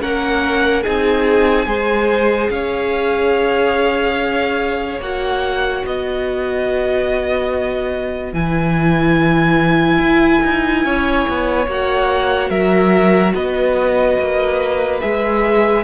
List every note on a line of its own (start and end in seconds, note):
0.00 0.86 A#3
0.00 0.83 C#4
0.00 0.83 A#4
0.00 0.83 F#5
0.83 1.66 C4
0.83 1.66 D#4
0.83 1.66 G#4
0.83 2.49 G#5
1.66 2.49 G#3
1.66 4.99 G#4
1.66 2.51 C5
2.50 4.99 C#4
2.50 5.85 C#5
2.50 5.00 F5
4.99 5.83 A#3
4.99 8.33 F#4
4.99 5.85 F#5
5.85 8.33 B3
5.85 10.85 B4
5.85 8.33 D#5
8.33 9.98 E3
8.33 11.66 E4
8.33 11.67 G#5
9.98 10.40 E4
10.44 10.85 D#4
10.85 11.26 C#4
10.85 12.49 C#5
11.29 11.67 B3
11.67 12.50 A#3
11.67 15.01 F#4
11.67 12.50 F#5
12.49 13.33 F#3
12.49 13.33 A#4
12.49 13.33 E5
13.34 14.18 B3
13.34 15.83 B4
13.34 15.00 D#5
14.18 15.02 A#3
15.00 15.83 G#3
15.00 15.83 G#4
15.00 15.83 E5